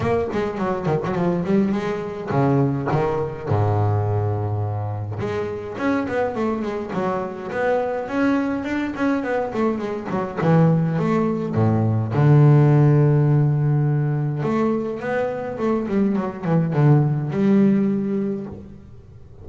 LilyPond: \new Staff \with { instrumentName = "double bass" } { \time 4/4 \tempo 4 = 104 ais8 gis8 fis8 dis16 fis16 f8 g8 gis4 | cis4 dis4 gis,2~ | gis,4 gis4 cis'8 b8 a8 gis8 | fis4 b4 cis'4 d'8 cis'8 |
b8 a8 gis8 fis8 e4 a4 | a,4 d2.~ | d4 a4 b4 a8 g8 | fis8 e8 d4 g2 | }